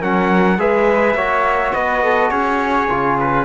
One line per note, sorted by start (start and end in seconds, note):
0.00 0.58 F#3
0.00 0.58 C#4
0.00 0.58 A#4
0.00 0.60 F#5
0.58 1.14 G#3
0.58 1.16 G#4
0.58 1.16 B4
0.58 1.73 E5
1.14 1.72 A#3
1.14 2.89 F#4
1.14 1.73 C#5
1.73 2.31 B3
1.73 2.02 B4
1.73 2.30 D#5
2.03 2.31 A4
2.30 2.89 C#4
2.30 3.45 G#4
2.30 3.17 C#5
2.89 3.45 C#3
2.89 3.45 F4
3.20 3.45 B4